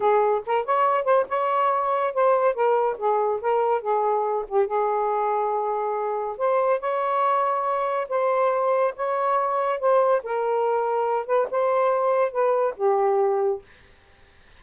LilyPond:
\new Staff \with { instrumentName = "saxophone" } { \time 4/4 \tempo 4 = 141 gis'4 ais'8 cis''4 c''8 cis''4~ | cis''4 c''4 ais'4 gis'4 | ais'4 gis'4. g'8 gis'4~ | gis'2. c''4 |
cis''2. c''4~ | c''4 cis''2 c''4 | ais'2~ ais'8 b'8 c''4~ | c''4 b'4 g'2 | }